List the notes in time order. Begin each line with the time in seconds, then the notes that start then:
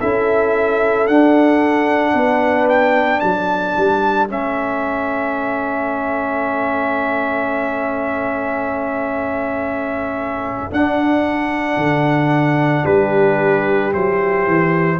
0.00 C#4 E4 A4 E5
1.07 D4 F#5
2.14 B3 B4
2.69 G5
3.19 F#3 A4 A5
3.77 G3
4.28 A3 C#4 E5
10.71 D4 F#5
11.76 D3
12.84 G3 G4 B4
13.92 F#3 E4 C5
14.47 E3